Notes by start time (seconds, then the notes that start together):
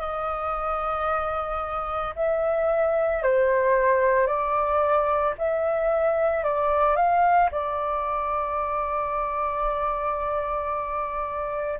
0.00 D#5
2.15 E5
3.23 C5
4.27 D5
5.38 E5
6.43 D5
6.96 F5
7.51 D5